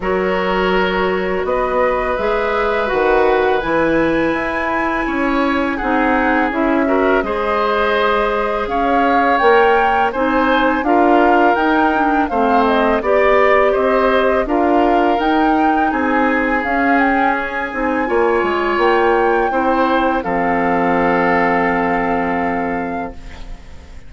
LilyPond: <<
  \new Staff \with { instrumentName = "flute" } { \time 4/4 \tempo 4 = 83 cis''2 dis''4 e''4 | fis''4 gis''2. | fis''4 e''4 dis''2 | f''4 g''4 gis''4 f''4 |
g''4 f''8 dis''8 d''4 dis''4 | f''4 g''4 gis''4 f''8 g''8 | gis''2 g''2 | f''1 | }
  \new Staff \with { instrumentName = "oboe" } { \time 4/4 ais'2 b'2~ | b'2. cis''4 | gis'4. ais'8 c''2 | cis''2 c''4 ais'4~ |
ais'4 c''4 d''4 c''4 | ais'2 gis'2~ | gis'4 cis''2 c''4 | a'1 | }
  \new Staff \with { instrumentName = "clarinet" } { \time 4/4 fis'2. gis'4 | fis'4 e'2. | dis'4 e'8 fis'8 gis'2~ | gis'4 ais'4 dis'4 f'4 |
dis'8 d'8 c'4 g'2 | f'4 dis'2 cis'4~ | cis'8 dis'8 f'2 e'4 | c'1 | }
  \new Staff \with { instrumentName = "bassoon" } { \time 4/4 fis2 b4 gis4 | dis4 e4 e'4 cis'4 | c'4 cis'4 gis2 | cis'4 ais4 c'4 d'4 |
dis'4 a4 b4 c'4 | d'4 dis'4 c'4 cis'4~ | cis'8 c'8 ais8 gis8 ais4 c'4 | f1 | }
>>